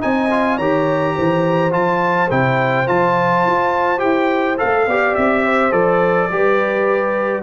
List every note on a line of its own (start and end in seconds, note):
0.00 0.58 C4
0.00 0.29 D#4
0.00 0.56 D#5
0.00 0.57 G#5
0.30 0.59 F4
0.56 1.15 D#3
0.56 1.71 G4
0.56 1.14 C#5
0.56 1.72 A#5
1.15 1.73 E3
1.15 4.87 C5
1.71 2.30 F3
1.71 2.28 F4
1.71 2.30 A5
2.30 2.88 C3
2.30 2.86 E4
2.30 2.87 G5
2.86 3.45 F3
2.86 3.97 F4
2.86 3.99 A5
3.45 4.03 F4
3.97 4.60 E4
3.97 4.55 G4
3.97 4.56 G5
4.57 4.86 A3
4.57 4.86 A4
4.57 5.15 F5
4.86 5.15 B3
4.86 5.71 G4
4.86 5.43 D5
5.15 5.72 C4
5.15 5.72 E5
5.43 6.29 C5
5.71 6.29 F3
5.71 6.28 A4
5.71 7.42 D5
6.30 7.42 G3
6.30 7.42 G4
6.30 7.42 B4